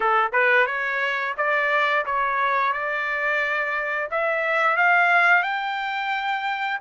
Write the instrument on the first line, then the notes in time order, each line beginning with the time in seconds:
trumpet
0.00 A4
0.32 B4
0.66 C#5
1.37 D5
2.05 C#5
2.72 D5
4.11 E5
4.77 F5
5.42 G5